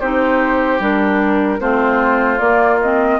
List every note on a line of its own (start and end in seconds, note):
0.00 0.80 C4
0.00 0.80 D#4
0.00 1.60 G4
0.00 0.80 C5
0.80 1.60 G3
0.80 1.59 D4
0.80 1.61 A#4
1.59 2.40 A3
1.59 2.39 C4
1.59 3.20 F4
1.59 2.39 C5
2.39 3.20 A#3
2.39 2.80 A#3
2.39 2.79 D5
2.81 3.20 C4
2.81 3.20 D#5